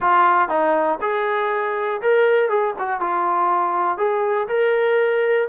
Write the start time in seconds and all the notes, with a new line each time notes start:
0.00 F4
0.49 D#4
1.01 G#4
2.01 A#4
2.49 G#4
2.78 F#4
3.00 F4
3.97 G#4
4.47 A#4